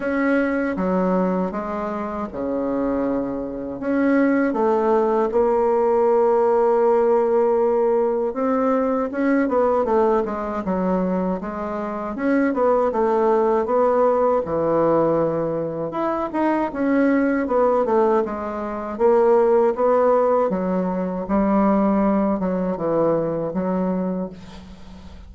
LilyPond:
\new Staff \with { instrumentName = "bassoon" } { \time 4/4 \tempo 4 = 79 cis'4 fis4 gis4 cis4~ | cis4 cis'4 a4 ais4~ | ais2. c'4 | cis'8 b8 a8 gis8 fis4 gis4 |
cis'8 b8 a4 b4 e4~ | e4 e'8 dis'8 cis'4 b8 a8 | gis4 ais4 b4 fis4 | g4. fis8 e4 fis4 | }